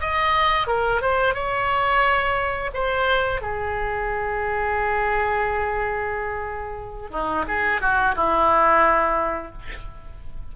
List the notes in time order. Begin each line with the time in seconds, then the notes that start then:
0.00 D#5
0.67 A#4
1.01 C5
1.34 C#5
2.74 C5
3.41 G#4
7.11 D#4
7.48 G#4
7.81 F#4
8.15 E4